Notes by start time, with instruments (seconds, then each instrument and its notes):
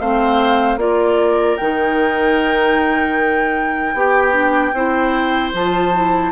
0.00 bassoon A3, clarinet C4, oboe C5, flute F5
0.77 bassoon A#3, clarinet F4, oboe A#4, flute D5
1.57 bassoon D#3, clarinet D#4, flute G5
3.94 bassoon B3, oboe G4, clarinet G4
4.32 clarinet D4
4.73 bassoon C4, clarinet E4, oboe C5
5.53 bassoon F3, clarinet F4, flute A5
5.94 clarinet E4